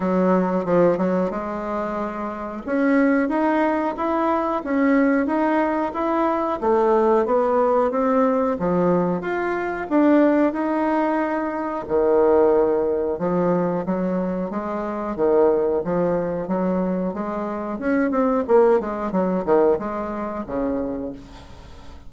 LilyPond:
\new Staff \with { instrumentName = "bassoon" } { \time 4/4 \tempo 4 = 91 fis4 f8 fis8 gis2 | cis'4 dis'4 e'4 cis'4 | dis'4 e'4 a4 b4 | c'4 f4 f'4 d'4 |
dis'2 dis2 | f4 fis4 gis4 dis4 | f4 fis4 gis4 cis'8 c'8 | ais8 gis8 fis8 dis8 gis4 cis4 | }